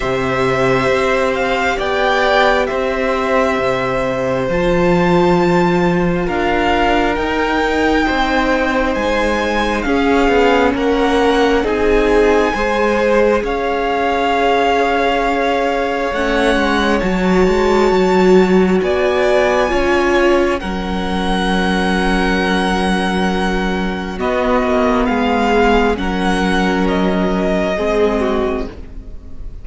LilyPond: <<
  \new Staff \with { instrumentName = "violin" } { \time 4/4 \tempo 4 = 67 e''4. f''8 g''4 e''4~ | e''4 a''2 f''4 | g''2 gis''4 f''4 | fis''4 gis''2 f''4~ |
f''2 fis''4 a''4~ | a''4 gis''2 fis''4~ | fis''2. dis''4 | f''4 fis''4 dis''2 | }
  \new Staff \with { instrumentName = "violin" } { \time 4/4 c''2 d''4 c''4~ | c''2. ais'4~ | ais'4 c''2 gis'4 | ais'4 gis'4 c''4 cis''4~ |
cis''1~ | cis''4 d''4 cis''4 ais'4~ | ais'2. fis'4 | gis'4 ais'2 gis'8 fis'8 | }
  \new Staff \with { instrumentName = "viola" } { \time 4/4 g'1~ | g'4 f'2. | dis'2. cis'4~ | cis'4 dis'4 gis'2~ |
gis'2 cis'4 fis'4~ | fis'2 f'4 cis'4~ | cis'2. b4~ | b4 cis'2 c'4 | }
  \new Staff \with { instrumentName = "cello" } { \time 4/4 c4 c'4 b4 c'4 | c4 f2 d'4 | dis'4 c'4 gis4 cis'8 b8 | ais4 c'4 gis4 cis'4~ |
cis'2 a8 gis8 fis8 gis8 | fis4 b4 cis'4 fis4~ | fis2. b8 ais8 | gis4 fis2 gis4 | }
>>